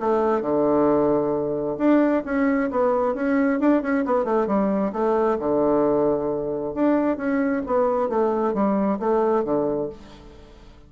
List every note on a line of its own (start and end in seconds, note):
0.00 0.41 A3
0.41 1.77 D3
1.78 2.23 D4
2.25 2.70 C#4
2.70 3.15 B3
3.15 3.60 C#4
3.60 3.82 D4
3.82 4.04 C#4
4.05 4.25 B3
4.25 4.47 A3
4.47 4.92 G3
4.93 5.38 A3
5.39 6.74 D3
6.74 7.17 D4
7.17 7.62 C#4
7.66 8.09 B3
8.09 8.54 A3
8.54 8.99 G3
8.99 9.44 A3
9.44 9.89 D3